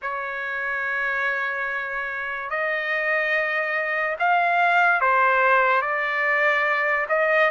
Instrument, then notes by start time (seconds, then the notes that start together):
trumpet
0.02 C#5
2.50 D#5
4.19 F5
5.00 C5
5.81 D5
7.08 D#5